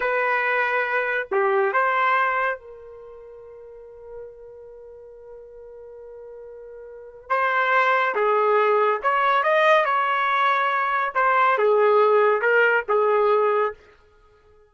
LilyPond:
\new Staff \with { instrumentName = "trumpet" } { \time 4/4 \tempo 4 = 140 b'2. g'4 | c''2 ais'2~ | ais'1~ | ais'1~ |
ais'4 c''2 gis'4~ | gis'4 cis''4 dis''4 cis''4~ | cis''2 c''4 gis'4~ | gis'4 ais'4 gis'2 | }